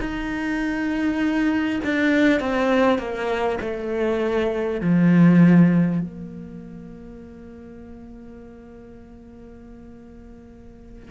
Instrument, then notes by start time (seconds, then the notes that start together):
cello
0.00 D#4
1.84 D4
2.40 C4
2.98 A#3
3.60 A3
4.81 F3
6.01 A#3